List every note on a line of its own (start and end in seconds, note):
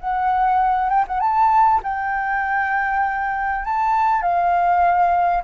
0.00 0.90 F#5
0.90 1.05 G5
1.08 1.20 F#5
1.20 1.81 A5
1.83 3.65 G5
3.65 4.22 A5
4.22 5.44 F5